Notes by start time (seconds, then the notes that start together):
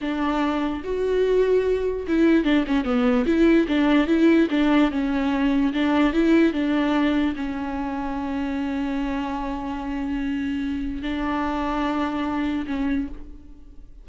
0.01 D4
0.84 F#4
2.07 E4
2.44 D4
2.67 C#4
2.84 B3
3.26 E4
3.68 D4
4.07 E4
4.50 D4
4.91 C#4
5.73 D4
6.13 E4
6.52 D4
7.36 C#4
11.02 D4
12.66 C#4